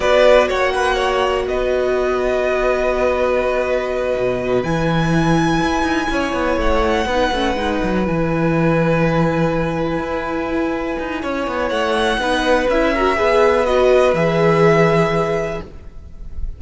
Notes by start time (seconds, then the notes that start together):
0.00 B3 F#4 B4 D5
0.48 A#3 C#5 F#5
0.73 B4
0.95 C#5
1.47 B3 B4 D#5
4.16 B2
4.62 E3 E4 G#5
5.62 E4
5.82 D#4
6.10 C#4 C#5
6.33 B3
6.57 A3 F#5
7.05 B3 D#4 B4
7.32 A3 C#4
7.55 G#3 D#4
7.83 F#3
8.04 E3 E4 G#5
9.98 E4
10.99 D#4
11.22 C#4 C#5
11.47 B3
11.69 A3 F#5
12.17 B3 D#4 B4
12.68 C#4 E4 E5
12.94 F#4 A#4
13.15 B3 G#4 B4
13.65 F#4 D#5
14.13 E3 G#4 E5